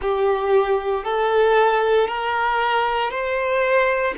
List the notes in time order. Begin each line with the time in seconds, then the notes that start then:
0.01 G4
1.04 A4
2.07 A#4
3.10 C5